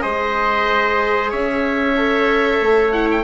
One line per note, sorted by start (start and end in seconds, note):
0.00 1.32 G#3
0.00 1.94 G#4
0.00 1.31 C5
0.00 1.30 D#5
1.31 2.61 C#4
1.31 3.24 C#5
1.31 2.92 E5
1.96 2.93 A4
2.61 3.24 A3
2.92 3.24 E4
2.92 3.08 F#5
3.11 3.24 G5